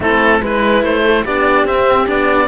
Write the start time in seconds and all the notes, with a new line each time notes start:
0.00 A3 C4 E4 A4
0.40 G#3 E4 B4
0.83 A3 C5
1.04 A4
1.24 B3 D4 G4 D5
1.64 C4 E5
2.06 B3 D4 D5